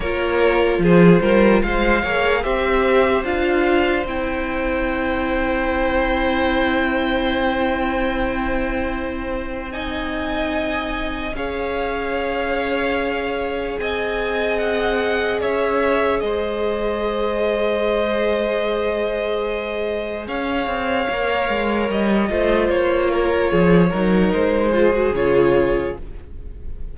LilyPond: <<
  \new Staff \with { instrumentName = "violin" } { \time 4/4 \tempo 4 = 74 cis''4 c''4 f''4 e''4 | f''4 g''2.~ | g''1 | gis''2 f''2~ |
f''4 gis''4 fis''4 e''4 | dis''1~ | dis''4 f''2 dis''4 | cis''2 c''4 cis''4 | }
  \new Staff \with { instrumentName = "violin" } { \time 4/4 ais'4 gis'8 ais'8 c''8 cis''8 c''4~ | c''1~ | c''1 | dis''2 cis''2~ |
cis''4 dis''2 cis''4 | c''1~ | c''4 cis''2~ cis''8 c''8~ | c''8 ais'8 gis'8 ais'4 gis'4. | }
  \new Staff \with { instrumentName = "viola" } { \time 4/4 f'2~ f'8 gis'8 g'4 | f'4 e'2.~ | e'1 | dis'2 gis'2~ |
gis'1~ | gis'1~ | gis'2 ais'4. f'8~ | f'4. dis'4 f'16 fis'16 f'4 | }
  \new Staff \with { instrumentName = "cello" } { \time 4/4 ais4 f8 g8 gis8 ais8 c'4 | d'4 c'2.~ | c'1~ | c'2 cis'2~ |
cis'4 c'2 cis'4 | gis1~ | gis4 cis'8 c'8 ais8 gis8 g8 a8 | ais4 f8 fis8 gis4 cis4 | }
>>